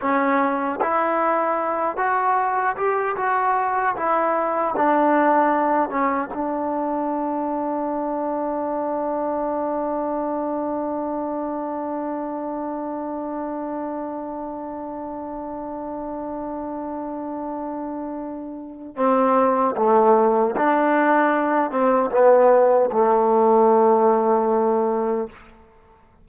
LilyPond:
\new Staff \with { instrumentName = "trombone" } { \time 4/4 \tempo 4 = 76 cis'4 e'4. fis'4 g'8 | fis'4 e'4 d'4. cis'8 | d'1~ | d'1~ |
d'1~ | d'1 | c'4 a4 d'4. c'8 | b4 a2. | }